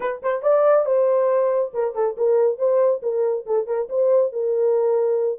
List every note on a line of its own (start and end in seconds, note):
0.00 0.22 B4
0.22 0.42 C5
0.42 0.85 D5
0.85 1.71 C5
1.73 1.94 A#4
1.94 2.16 A4
2.17 2.58 A#4
2.58 3.01 C5
3.02 3.45 A#4
3.46 3.66 A4
3.66 3.88 A#4
3.89 4.32 C5
4.32 5.38 A#4